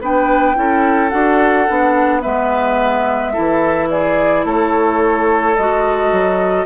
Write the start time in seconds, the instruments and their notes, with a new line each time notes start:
0.00 bassoon B3, clarinet D4, oboe B4, flute G5
0.54 bassoon C#4, clarinet E4, oboe A4
1.09 bassoon D4, clarinet F#4, flute F#5
1.68 bassoon B3, clarinet D4
2.21 bassoon G#3, clarinet B3, oboe B4, flute E5
3.32 bassoon E3, clarinet E4, oboe A4
3.89 oboe G#4, flute D5
4.44 bassoon A3, oboe A4, flute C#5
5.55 bassoon G#3, clarinet F#4, flute D#5
6.12 bassoon F#3